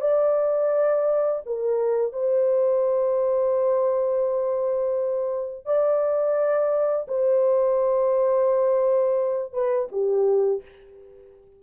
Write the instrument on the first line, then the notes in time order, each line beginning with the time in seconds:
horn
0.00 D5
1.45 A#4
2.12 C5
5.65 D5
7.07 C5
9.52 B4
9.91 G4